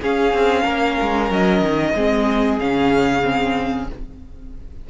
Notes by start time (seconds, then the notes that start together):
0.00 C#4 G#4 F5
0.33 C4
0.63 A#3 A#4
1.01 G#3
1.30 F#3 D#5
1.61 D#3
1.95 G#3 C4 G#4
2.59 C#3 C#4 F5
3.23 C4